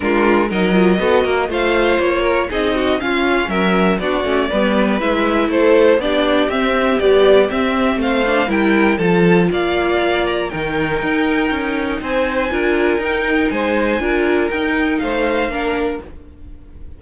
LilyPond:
<<
  \new Staff \with { instrumentName = "violin" } { \time 4/4 \tempo 4 = 120 ais'4 dis''2 f''4 | cis''4 dis''4 f''4 e''4 | d''2 e''4 c''4 | d''4 e''4 d''4 e''4 |
f''4 g''4 a''4 f''4~ | f''8 ais''8 g''2. | gis''2 g''4 gis''4~ | gis''4 g''4 f''2 | }
  \new Staff \with { instrumentName = "violin" } { \time 4/4 f'4 ais'4 a'8 ais'8 c''4~ | c''8 ais'8 gis'8 fis'8 f'4 ais'4 | fis'4 b'2 a'4 | g'1 |
c''4 ais'4 a'4 d''4~ | d''4 ais'2. | c''4 ais'2 c''4 | ais'2 c''4 ais'4 | }
  \new Staff \with { instrumentName = "viola" } { \time 4/4 d'4 dis'8 f'8 fis'4 f'4~ | f'4 dis'4 cis'2 | d'8 cis'8 b4 e'2 | d'4 c'4 g4 c'4~ |
c'8 d'8 e'4 f'2~ | f'4 dis'2.~ | dis'4 f'4 dis'2 | f'4 dis'2 d'4 | }
  \new Staff \with { instrumentName = "cello" } { \time 4/4 gis4 fis4 b8 ais8 a4 | ais4 c'4 cis'4 fis4 | b8 a8 g4 gis4 a4 | b4 c'4 b4 c'4 |
a4 g4 f4 ais4~ | ais4 dis4 dis'4 cis'4 | c'4 d'4 dis'4 gis4 | d'4 dis'4 a4 ais4 | }
>>